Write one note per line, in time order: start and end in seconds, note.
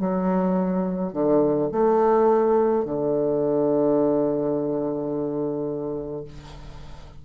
0.00 1.13 F#3
1.13 1.70 D3
1.72 2.85 A3
2.85 6.25 D3